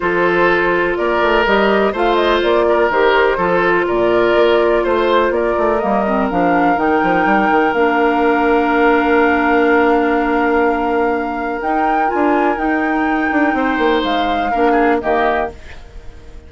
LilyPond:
<<
  \new Staff \with { instrumentName = "flute" } { \time 4/4 \tempo 4 = 124 c''2 d''4 dis''4 | f''8 dis''8 d''4 c''2 | d''2 c''4 d''4 | dis''4 f''4 g''2 |
f''1~ | f''1 | g''4 gis''4 g''2~ | g''4 f''2 dis''4 | }
  \new Staff \with { instrumentName = "oboe" } { \time 4/4 a'2 ais'2 | c''4. ais'4. a'4 | ais'2 c''4 ais'4~ | ais'1~ |
ais'1~ | ais'1~ | ais'1 | c''2 ais'8 gis'8 g'4 | }
  \new Staff \with { instrumentName = "clarinet" } { \time 4/4 f'2. g'4 | f'2 g'4 f'4~ | f'1 | ais8 c'8 d'4 dis'2 |
d'1~ | d'1 | dis'4 f'4 dis'2~ | dis'2 d'4 ais4 | }
  \new Staff \with { instrumentName = "bassoon" } { \time 4/4 f2 ais8 a8 g4 | a4 ais4 dis4 f4 | ais,4 ais4 a4 ais8 a8 | g4 f4 dis8 f8 g8 dis8 |
ais1~ | ais1 | dis'4 d'4 dis'4. d'8 | c'8 ais8 gis4 ais4 dis4 | }
>>